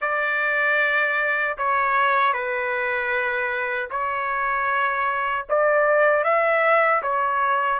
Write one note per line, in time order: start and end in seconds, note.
0.01 1.57 D5
1.57 2.33 C#5
2.33 3.89 B4
3.90 5.46 C#5
5.49 6.23 D5
6.23 7.01 E5
7.02 7.79 C#5